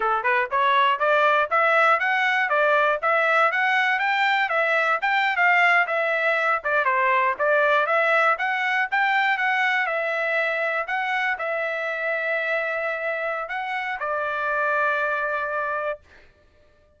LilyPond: \new Staff \with { instrumentName = "trumpet" } { \time 4/4 \tempo 4 = 120 a'8 b'8 cis''4 d''4 e''4 | fis''4 d''4 e''4 fis''4 | g''4 e''4 g''8. f''4 e''16~ | e''4~ e''16 d''8 c''4 d''4 e''16~ |
e''8. fis''4 g''4 fis''4 e''16~ | e''4.~ e''16 fis''4 e''4~ e''16~ | e''2. fis''4 | d''1 | }